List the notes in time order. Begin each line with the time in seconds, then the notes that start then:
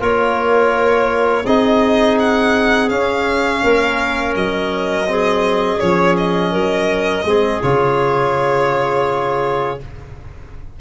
0.00 A#3 F4 A#4 C#5
1.44 C4 D#4 G#4 D#5
2.19 F#5
2.89 C#4 F5
3.64 A#3 A#4
4.35 F#3 D#5
5.07 C4 G#4
5.79 F3 C#4 C#5
6.17 D#5
6.51 F#3 A#4
7.24 G#3 C4 G#4
7.62 C#3 F4 C#5